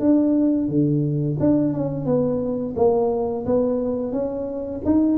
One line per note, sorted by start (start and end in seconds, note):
0.00 0.69 D4
0.69 1.38 D3
1.40 1.73 D4
1.73 2.06 C#4
2.06 2.75 B3
2.76 3.45 A#3
3.46 4.12 B3
4.12 4.81 C#4
4.85 5.18 D#4